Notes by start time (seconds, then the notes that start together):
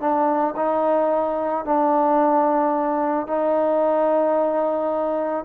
0.00 D4
0.56 D#4
1.65 D4
3.27 D#4